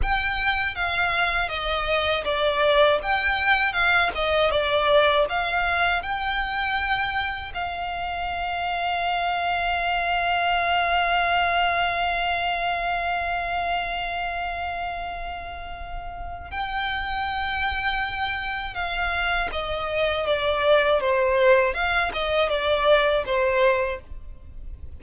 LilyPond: \new Staff \with { instrumentName = "violin" } { \time 4/4 \tempo 4 = 80 g''4 f''4 dis''4 d''4 | g''4 f''8 dis''8 d''4 f''4 | g''2 f''2~ | f''1~ |
f''1~ | f''2 g''2~ | g''4 f''4 dis''4 d''4 | c''4 f''8 dis''8 d''4 c''4 | }